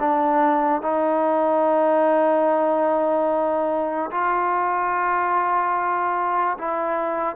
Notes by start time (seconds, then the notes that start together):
0.00 D4
0.82 D#4
4.11 F4
6.58 E4